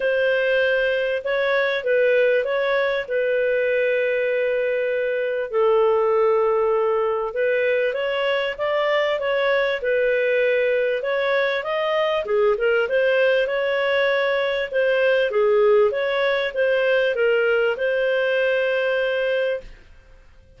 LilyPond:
\new Staff \with { instrumentName = "clarinet" } { \time 4/4 \tempo 4 = 98 c''2 cis''4 b'4 | cis''4 b'2.~ | b'4 a'2. | b'4 cis''4 d''4 cis''4 |
b'2 cis''4 dis''4 | gis'8 ais'8 c''4 cis''2 | c''4 gis'4 cis''4 c''4 | ais'4 c''2. | }